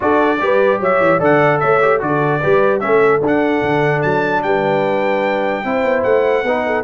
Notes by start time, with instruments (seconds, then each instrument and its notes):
0.00 tuba D4, trombone F#4, horn A4, trumpet D5
0.40 tuba G3, trombone G4, horn B4
0.79 tuba F#3, horn C#5, trumpet E5
1.00 tuba E3
1.19 tuba D3, trombone A4, horn D5, trumpet F#5
1.59 tuba A3, horn C#5, trumpet E5
1.81 trombone G4
1.99 tuba D3, trombone F#4, horn A4, trumpet D5
2.41 tuba G3, trombone G4, horn B4
2.80 tuba A3, trombone C#4, horn A4, trumpet E5
3.21 tuba D4, trombone D4, trumpet F#5
3.62 tuba D3
4.02 tuba F#3, trumpet A5
4.42 tuba G3, horn B4, trumpet G5
5.64 tuba C4, trombone E4, horn C5
5.84 tuba B3
6.03 tuba A3, trumpet F#5
6.43 tuba B3, trombone D#4, horn B4
6.66 horn A4